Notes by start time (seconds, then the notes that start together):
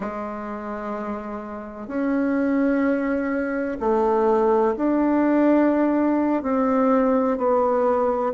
0.00 G#3
1.87 C#4
3.80 A3
4.76 D4
6.42 C4
7.37 B3